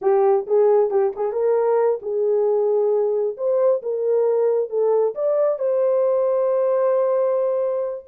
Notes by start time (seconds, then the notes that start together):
0.01 G4
0.46 G#4
0.90 G4
1.15 G#4
1.32 A#4
2.02 G#4
3.37 C5
3.82 A#4
4.69 A4
5.14 D5
5.58 C5